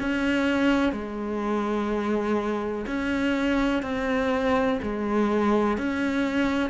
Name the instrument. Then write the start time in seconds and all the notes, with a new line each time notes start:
cello
0.00 C#4
0.92 G#3
2.87 C#4
3.83 C4
4.83 G#3
5.78 C#4